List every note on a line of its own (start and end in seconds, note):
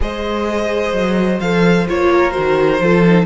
0.00 0.92 G#3
0.00 1.40 G#4
0.00 2.12 C5
0.00 1.40 D#5
0.92 1.39 F#3
1.40 1.87 F3
1.40 1.87 A4
1.40 1.87 F5
1.87 2.36 A#3
1.87 2.31 F4
1.87 2.31 C#5
2.12 2.82 A#4
2.31 2.78 F#4
2.31 3.25 C5
2.38 2.80 D#3
2.80 3.26 F3
2.80 3.04 F4
2.80 3.26 A4
3.06 3.26 D#4